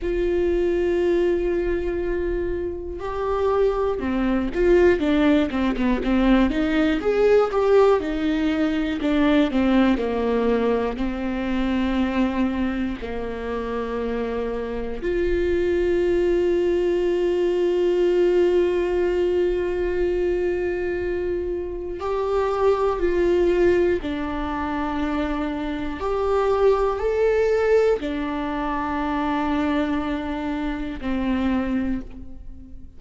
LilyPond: \new Staff \with { instrumentName = "viola" } { \time 4/4 \tempo 4 = 60 f'2. g'4 | c'8 f'8 d'8 c'16 b16 c'8 dis'8 gis'8 g'8 | dis'4 d'8 c'8 ais4 c'4~ | c'4 ais2 f'4~ |
f'1~ | f'2 g'4 f'4 | d'2 g'4 a'4 | d'2. c'4 | }